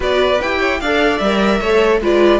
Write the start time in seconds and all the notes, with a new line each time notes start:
0.00 B3 F#4 B4 D5
0.41 E4 G4 G5
0.59 C#5
0.80 D4 A4 D5 F5
1.18 G3 A#4 E5
1.60 A3 A4 C#5
2.00 G#3 F4 B4 D5